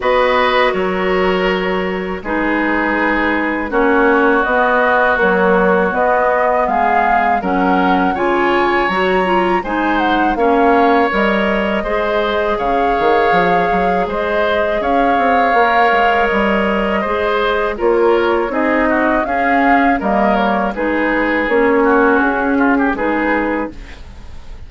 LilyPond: <<
  \new Staff \with { instrumentName = "flute" } { \time 4/4 \tempo 4 = 81 dis''4 cis''2 b'4~ | b'4 cis''4 dis''4 cis''4 | dis''4 f''4 fis''4 gis''4 | ais''4 gis''8 fis''8 f''4 dis''4~ |
dis''4 f''2 dis''4 | f''2 dis''2 | cis''4 dis''4 f''4 dis''8 cis''8 | b'4 cis''4 gis'4 b'4 | }
  \new Staff \with { instrumentName = "oboe" } { \time 4/4 b'4 ais'2 gis'4~ | gis'4 fis'2.~ | fis'4 gis'4 ais'4 cis''4~ | cis''4 c''4 cis''2 |
c''4 cis''2 c''4 | cis''2. c''4 | ais'4 gis'8 fis'8 gis'4 ais'4 | gis'4. fis'4 f'16 g'16 gis'4 | }
  \new Staff \with { instrumentName = "clarinet" } { \time 4/4 fis'2. dis'4~ | dis'4 cis'4 b4 fis4 | b2 cis'4 f'4 | fis'8 f'8 dis'4 cis'4 ais'4 |
gis'1~ | gis'4 ais'2 gis'4 | f'4 dis'4 cis'4 ais4 | dis'4 cis'2 dis'4 | }
  \new Staff \with { instrumentName = "bassoon" } { \time 4/4 b4 fis2 gis4~ | gis4 ais4 b4 ais4 | b4 gis4 fis4 cis4 | fis4 gis4 ais4 g4 |
gis4 cis8 dis8 f8 fis8 gis4 | cis'8 c'8 ais8 gis8 g4 gis4 | ais4 c'4 cis'4 g4 | gis4 ais4 cis'4 gis4 | }
>>